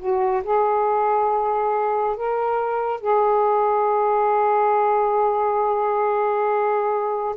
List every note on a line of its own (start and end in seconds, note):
0.00 0.43 F#4
0.44 2.16 G#4
2.16 3.01 A#4
3.01 7.36 G#4